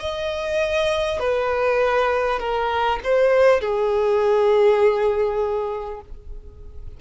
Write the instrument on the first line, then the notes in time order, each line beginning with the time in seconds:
violin
0.00 D#5
1.19 B4
2.39 A#4
3.04 C5
3.61 G#4